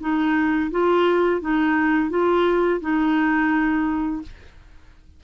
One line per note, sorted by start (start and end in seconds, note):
0.00 0.71 D#4
0.71 1.41 F4
1.41 2.10 D#4
2.10 2.80 F4
2.81 4.22 D#4